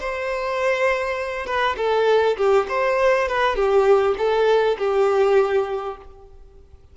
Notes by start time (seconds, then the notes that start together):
0.00 C5
1.46 B4
1.77 A4
2.37 G4
2.69 C5
3.28 B4
3.56 G4
4.18 A4
4.78 G4